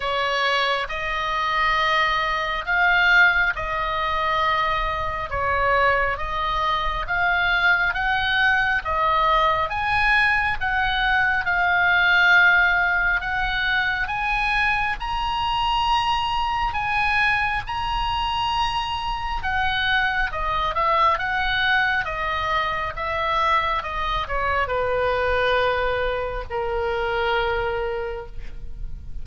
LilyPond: \new Staff \with { instrumentName = "oboe" } { \time 4/4 \tempo 4 = 68 cis''4 dis''2 f''4 | dis''2 cis''4 dis''4 | f''4 fis''4 dis''4 gis''4 | fis''4 f''2 fis''4 |
gis''4 ais''2 gis''4 | ais''2 fis''4 dis''8 e''8 | fis''4 dis''4 e''4 dis''8 cis''8 | b'2 ais'2 | }